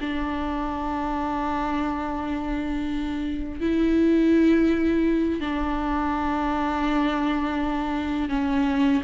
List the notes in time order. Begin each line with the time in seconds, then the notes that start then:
0.00 D4
3.60 E4
5.40 D4
8.29 C#4